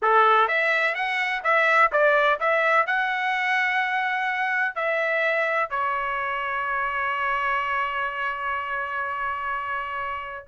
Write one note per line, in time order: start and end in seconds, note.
0.02 0.48 A4
0.48 0.94 E5
0.94 1.42 F#5
1.43 1.91 E5
1.92 2.39 D5
2.39 2.86 E5
2.86 4.75 F#5
4.75 5.70 E5
5.70 10.46 C#5